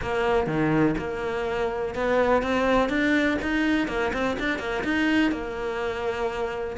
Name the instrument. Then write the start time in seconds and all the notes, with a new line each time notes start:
cello
0.02 A#3
0.47 D#3
0.98 A#3
1.94 B3
2.42 C4
2.89 D4
3.41 D#4
3.87 A#3
4.13 C4
4.39 D4
4.58 A#3
4.84 D#4
5.31 A#3